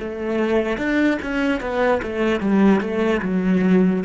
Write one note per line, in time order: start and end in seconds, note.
0.00 0.79 A3
0.79 1.19 D4
1.23 1.61 C#4
1.61 2.02 B3
2.03 2.41 A3
2.41 2.81 G3
2.81 3.22 A3
3.23 4.04 F#3